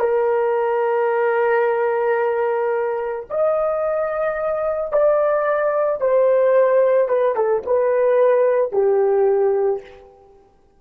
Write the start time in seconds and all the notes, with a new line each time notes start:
0.00 A#4
3.30 D#5
4.93 D5
6.01 C5
7.09 B4
7.36 A4
7.66 B4
8.73 G4